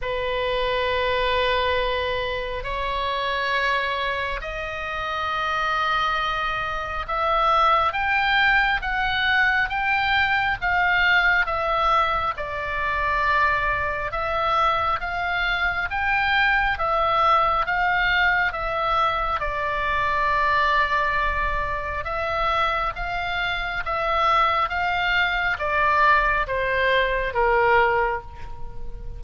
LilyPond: \new Staff \with { instrumentName = "oboe" } { \time 4/4 \tempo 4 = 68 b'2. cis''4~ | cis''4 dis''2. | e''4 g''4 fis''4 g''4 | f''4 e''4 d''2 |
e''4 f''4 g''4 e''4 | f''4 e''4 d''2~ | d''4 e''4 f''4 e''4 | f''4 d''4 c''4 ais'4 | }